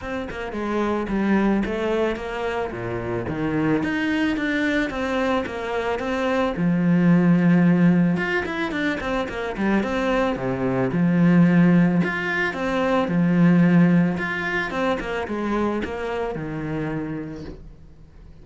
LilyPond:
\new Staff \with { instrumentName = "cello" } { \time 4/4 \tempo 4 = 110 c'8 ais8 gis4 g4 a4 | ais4 ais,4 dis4 dis'4 | d'4 c'4 ais4 c'4 | f2. f'8 e'8 |
d'8 c'8 ais8 g8 c'4 c4 | f2 f'4 c'4 | f2 f'4 c'8 ais8 | gis4 ais4 dis2 | }